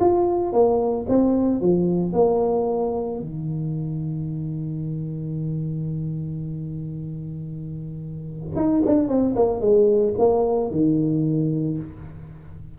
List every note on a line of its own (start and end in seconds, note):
0.00 0.52 F4
0.52 1.06 A#3
1.08 1.61 C4
1.61 2.13 F3
2.13 3.20 A#3
3.20 8.55 D#3
8.55 8.82 D#4
8.85 9.08 D4
9.08 9.35 C4
9.36 9.60 A#3
9.60 10.14 G#3
10.18 10.70 A#3
10.70 11.78 D#3